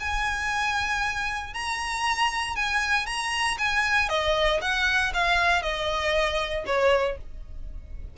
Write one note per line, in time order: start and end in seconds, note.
0.00 1.54 G#5
1.54 2.56 A#5
2.56 3.06 G#5
3.06 3.58 A#5
3.58 4.09 G#5
4.09 4.61 D#5
4.62 5.13 F#5
5.14 5.62 F5
5.62 6.65 D#5
6.66 7.18 C#5